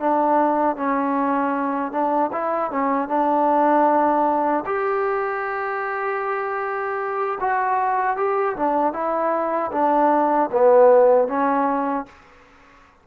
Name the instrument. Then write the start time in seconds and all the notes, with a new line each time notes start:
trombone
0.00 D4
0.77 C#4
1.92 D4
2.33 E4
2.72 C#4
3.09 D4
4.66 G4
7.41 F#4
8.17 G4
8.57 D4
8.94 E4
9.72 D4
10.52 B3
11.28 C#4